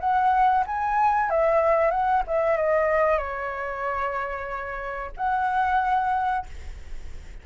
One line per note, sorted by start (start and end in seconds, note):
0.00 0.65 F#5
0.67 1.30 G#5
1.30 1.91 E5
1.91 2.23 F#5
2.28 2.57 E5
2.57 3.18 D#5
3.18 5.12 C#5
5.17 6.46 F#5